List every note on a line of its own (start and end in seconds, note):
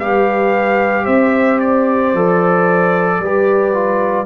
0.00 1.07 G3
0.00 2.15 G4
0.00 1.05 B4
0.00 1.06 F5
1.05 2.14 C4
1.05 3.19 C5
1.05 1.60 E5
1.60 4.26 D5
2.14 3.20 F3
2.14 3.23 A4
3.20 4.26 G3
3.20 3.74 G4
3.20 4.26 B4
3.74 4.26 F4